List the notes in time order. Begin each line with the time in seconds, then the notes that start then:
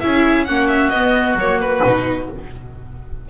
0.00 C#4 E4 G#4 E5
0.45 A#3 C#4 F#4 F#5
0.68 E5
0.89 B3 D#5
1.35 F#3 A#3 C#5
1.60 B4
1.84 B2 D#4